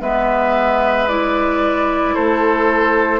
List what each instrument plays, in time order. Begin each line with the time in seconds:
0.00 bassoon G#3, clarinet B3, oboe B4, flute E5
1.08 clarinet E4, flute D5
2.14 bassoon A3, oboe A4, flute C5